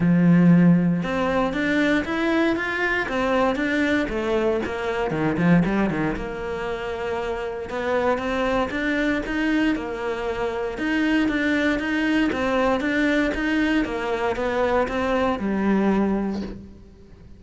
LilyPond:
\new Staff \with { instrumentName = "cello" } { \time 4/4 \tempo 4 = 117 f2 c'4 d'4 | e'4 f'4 c'4 d'4 | a4 ais4 dis8 f8 g8 dis8 | ais2. b4 |
c'4 d'4 dis'4 ais4~ | ais4 dis'4 d'4 dis'4 | c'4 d'4 dis'4 ais4 | b4 c'4 g2 | }